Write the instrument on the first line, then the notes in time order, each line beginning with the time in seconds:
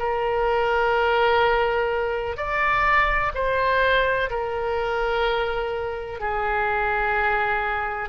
oboe
0.00 A#4
2.37 D5
3.35 C5
4.31 A#4
6.20 G#4